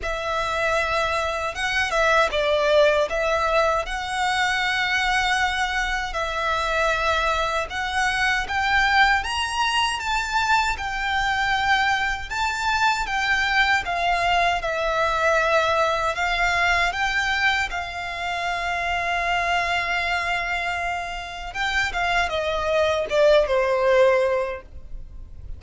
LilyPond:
\new Staff \with { instrumentName = "violin" } { \time 4/4 \tempo 4 = 78 e''2 fis''8 e''8 d''4 | e''4 fis''2. | e''2 fis''4 g''4 | ais''4 a''4 g''2 |
a''4 g''4 f''4 e''4~ | e''4 f''4 g''4 f''4~ | f''1 | g''8 f''8 dis''4 d''8 c''4. | }